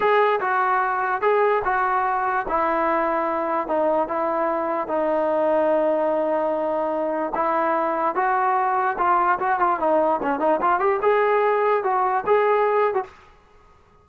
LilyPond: \new Staff \with { instrumentName = "trombone" } { \time 4/4 \tempo 4 = 147 gis'4 fis'2 gis'4 | fis'2 e'2~ | e'4 dis'4 e'2 | dis'1~ |
dis'2 e'2 | fis'2 f'4 fis'8 f'8 | dis'4 cis'8 dis'8 f'8 g'8 gis'4~ | gis'4 fis'4 gis'4.~ gis'16 fis'16 | }